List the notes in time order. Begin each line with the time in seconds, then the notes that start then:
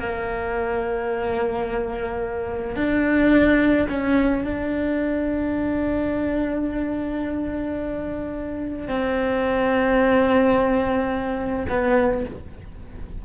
0.00 A#3
2.76 D4
3.89 C#4
4.44 D4
8.88 C4
11.69 B3